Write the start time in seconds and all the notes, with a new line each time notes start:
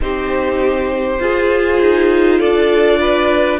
0.00 C4 D#4 G4 C5
1.19 F4 G#4
1.80 D#4
2.39 D4 A4 D5
2.99 B4